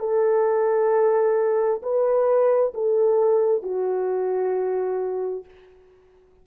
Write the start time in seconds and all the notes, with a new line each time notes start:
0.00 A4
1.83 B4
2.74 A4
3.63 F#4